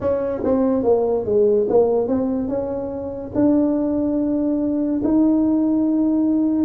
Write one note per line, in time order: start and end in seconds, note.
0.00 0.42 C#4
0.44 0.83 C4
0.83 1.25 A#3
1.25 1.67 G#3
1.69 2.07 A#3
2.07 2.48 C4
2.48 3.31 C#4
3.34 5.01 D4
5.04 6.64 D#4